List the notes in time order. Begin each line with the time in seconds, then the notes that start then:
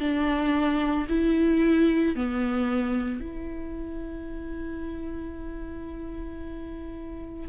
0.00 D4
1.09 E4
2.16 B3
3.21 E4